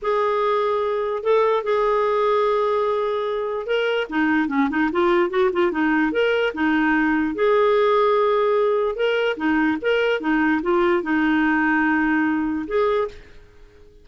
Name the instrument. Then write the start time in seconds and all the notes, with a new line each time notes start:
clarinet
0.02 G#4
1.23 A4
1.63 G#4
3.66 A#4
4.09 D#4
4.48 C#4
4.70 D#4
4.91 F4
5.30 F#4
5.53 F4
5.71 D#4
6.12 A#4
6.54 D#4
7.35 G#4
8.95 A#4
9.36 D#4
9.81 A#4
10.20 D#4
10.62 F4
11.02 D#4
12.67 G#4